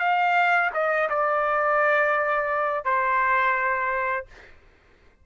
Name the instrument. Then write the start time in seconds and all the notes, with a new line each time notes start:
trumpet
0.00 F5
0.74 D#5
1.10 D5
2.85 C5